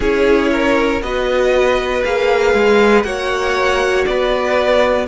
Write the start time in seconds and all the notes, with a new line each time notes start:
0.00 C#4 E4 G#4 C#5
0.51 A#4
1.01 B3 F#4 B4 D#5
2.04 A#3 G#4 F5
2.53 G#3
3.02 A#3 F#4 C#5 F#5
4.05 B3 B4 D5